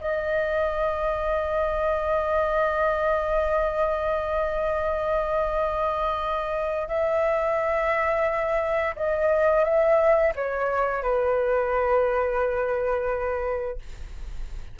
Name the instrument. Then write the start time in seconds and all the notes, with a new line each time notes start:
flute
0.00 D#5
6.88 E5
8.95 D#5
9.64 E5
10.35 C#5
11.03 B4